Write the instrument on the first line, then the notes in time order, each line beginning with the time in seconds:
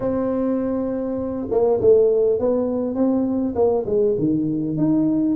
tuba
0.00 C4
1.50 A#3
1.81 A3
2.39 B3
2.95 C4
3.55 A#3
3.86 G#3
4.18 D#3
4.77 D#4